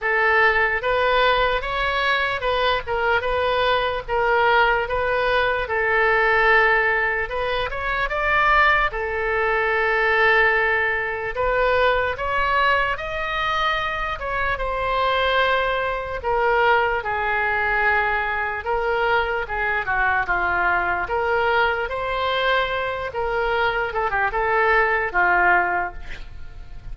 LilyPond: \new Staff \with { instrumentName = "oboe" } { \time 4/4 \tempo 4 = 74 a'4 b'4 cis''4 b'8 ais'8 | b'4 ais'4 b'4 a'4~ | a'4 b'8 cis''8 d''4 a'4~ | a'2 b'4 cis''4 |
dis''4. cis''8 c''2 | ais'4 gis'2 ais'4 | gis'8 fis'8 f'4 ais'4 c''4~ | c''8 ais'4 a'16 g'16 a'4 f'4 | }